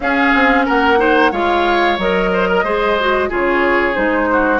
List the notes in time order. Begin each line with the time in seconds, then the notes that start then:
0.00 C#4 G#4 F5
0.34 C4
0.65 A#3 A#4 F#5
0.97 D#4 C5
1.31 G#3 F4 C#5 F5
1.98 F#3 A#4 D#5
2.32 C5
2.48 A#4
2.63 G#3 G#4 C5
2.99 F#4
3.29 C#3 F4 G#4 C#5
3.93 G#3 D#4 C5
4.32 F#4